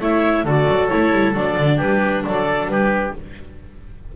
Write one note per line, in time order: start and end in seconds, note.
0.00 0.44 A3
0.00 0.46 E4
0.00 0.44 C#5
0.00 0.47 E5
0.44 0.67 D3
0.44 0.90 F#4
0.44 1.76 A4
0.44 0.87 D5
0.68 0.90 F#3
0.87 1.11 A3
0.87 1.34 E4
0.87 1.32 C#5
1.11 1.33 G3
1.34 1.56 F#3
1.34 3.13 D4
1.34 1.79 D5
1.57 1.79 D3
1.76 2.24 G3
1.76 2.21 G4
1.76 2.23 B4
2.25 2.66 F#3
2.25 2.71 A4
2.25 2.68 D5
2.66 3.11 G3
2.66 3.16 G4
2.66 3.13 B4